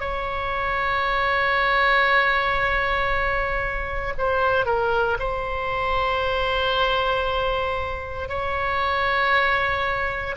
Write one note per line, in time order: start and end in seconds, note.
0.00 4.14 C#5
4.18 4.66 C5
4.66 5.18 A#4
5.20 8.29 C5
8.29 10.36 C#5